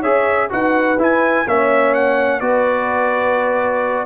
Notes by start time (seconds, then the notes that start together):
0.00 C#4 G#4 C#5 E5
0.49 D#4 F#4 B4 F#5
0.97 E4 G#5
1.47 A#3 C#4 C#5 E5
1.94 F#5
2.40 B3 F#4 B4 D5